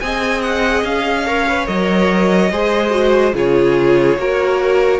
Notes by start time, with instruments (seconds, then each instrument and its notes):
0.00 cello C4, viola G#4, violin D#5 G#5
0.42 violin F#5
0.84 cello C#4, violin F5
1.26 viola A#4, violin C#5
1.48 viola B4
1.66 cello F#3, viola A#4, violin D#5
2.51 cello G#3, viola G#4, violin C5
2.90 viola F#4
3.34 cello C#3, viola F4, violin G#4 C#5
4.16 cello A#3, viola F#4, violin A#4